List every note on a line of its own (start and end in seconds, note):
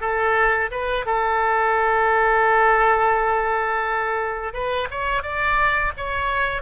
0.00 0.70 A4
0.71 1.05 B4
1.05 4.53 A4
4.53 4.88 B4
4.90 5.22 C#5
5.22 5.92 D5
5.97 6.62 C#5